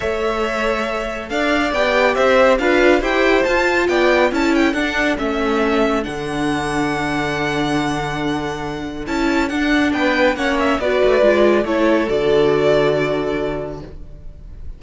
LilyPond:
<<
  \new Staff \with { instrumentName = "violin" } { \time 4/4 \tempo 4 = 139 e''2. f''4 | g''4 e''4 f''4 g''4 | a''4 g''4 a''8 g''8 fis''4 | e''2 fis''2~ |
fis''1~ | fis''4 a''4 fis''4 g''4 | fis''8 e''8 d''2 cis''4 | d''1 | }
  \new Staff \with { instrumentName = "violin" } { \time 4/4 cis''2. d''4~ | d''4 c''4 b'4 c''4~ | c''4 d''4 a'2~ | a'1~ |
a'1~ | a'2. b'4 | cis''4 b'2 a'4~ | a'1 | }
  \new Staff \with { instrumentName = "viola" } { \time 4/4 a'1 | g'2 f'4 g'4 | f'2 e'4 d'4 | cis'2 d'2~ |
d'1~ | d'4 e'4 d'2 | cis'4 fis'4 f'4 e'4 | fis'1 | }
  \new Staff \with { instrumentName = "cello" } { \time 4/4 a2. d'4 | b4 c'4 d'4 e'4 | f'4 b4 cis'4 d'4 | a2 d2~ |
d1~ | d4 cis'4 d'4 b4 | ais4 b8 a8 gis4 a4 | d1 | }
>>